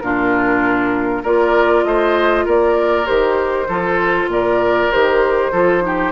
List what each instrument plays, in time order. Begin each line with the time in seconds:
0.00 bassoon A#2, clarinet D4, oboe F4, flute A#4
1.23 bassoon A#3, clarinet F4, oboe A#4, flute D5
1.84 bassoon A3, oboe C5, flute D#5
2.45 bassoon A#3, oboe A#4, flute D5
3.05 bassoon D#3, clarinet G4, flute C5
3.68 bassoon F3, clarinet F4, oboe A4
4.27 bassoon A#2, oboe A#4, flute D5
4.92 bassoon D#3, clarinet G4, flute C5
5.52 bassoon F3, clarinet F4, oboe A4
5.81 clarinet D#4, oboe G4